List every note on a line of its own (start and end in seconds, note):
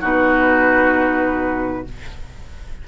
0.00 1.86 B2
0.00 1.84 D#4
0.00 1.84 F#4
0.00 1.87 B4